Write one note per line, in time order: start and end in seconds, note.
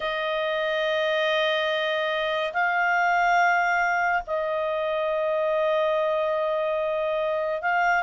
0.00 2.52 D#5
2.53 4.22 F5
4.26 7.61 D#5
7.61 8.03 F5